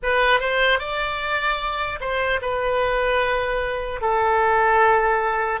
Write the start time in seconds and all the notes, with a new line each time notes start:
0.02 B4
0.40 C5
0.79 D5
2.00 C5
2.41 B4
4.01 A4